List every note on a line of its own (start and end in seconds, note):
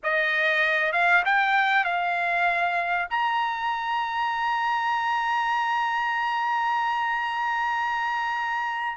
0.03 0.92 D#5
0.92 1.23 F5
1.25 1.84 G5
1.84 3.08 F5
3.10 8.97 A#5